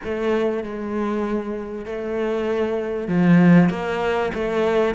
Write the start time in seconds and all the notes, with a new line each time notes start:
0.03 A3
0.63 G#3
1.85 A3
3.08 F3
3.69 A#3
4.34 A3